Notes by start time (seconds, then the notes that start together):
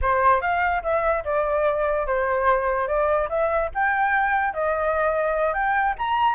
0.01 C5
0.41 F5
0.83 E5
1.24 D5
2.06 C5
2.87 D5
3.29 E5
3.74 G5
4.53 D#5
5.53 G5
5.98 A#5